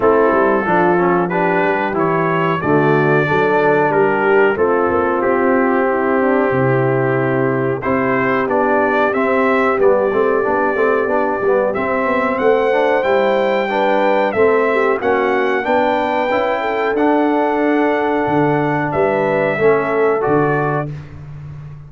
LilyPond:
<<
  \new Staff \with { instrumentName = "trumpet" } { \time 4/4 \tempo 4 = 92 a'2 b'4 cis''4 | d''2 ais'4 a'4 | g'1 | c''4 d''4 e''4 d''4~ |
d''2 e''4 fis''4 | g''2 e''4 fis''4 | g''2 fis''2~ | fis''4 e''2 d''4 | }
  \new Staff \with { instrumentName = "horn" } { \time 4/4 e'4 f'4 g'2 | fis'4 a'4 g'4 f'4~ | f'4 e'8 d'8 e'2 | g'1~ |
g'2. c''4~ | c''4 b'4 a'8 g'8 fis'4 | b'4. a'2~ a'8~ | a'4 b'4 a'2 | }
  \new Staff \with { instrumentName = "trombone" } { \time 4/4 c'4 d'8 cis'8 d'4 e'4 | a4 d'2 c'4~ | c'1 | e'4 d'4 c'4 b8 c'8 |
d'8 c'8 d'8 b8 c'4. d'8 | e'4 d'4 c'4 cis'4 | d'4 e'4 d'2~ | d'2 cis'4 fis'4 | }
  \new Staff \with { instrumentName = "tuba" } { \time 4/4 a8 g8 f4. g8 e4 | d4 fis4 g4 a8 ais8 | c'2 c2 | c'4 b4 c'4 g8 a8 |
b8 a8 b8 g8 c'8 b8 a4 | g2 a4 ais4 | b4 cis'4 d'2 | d4 g4 a4 d4 | }
>>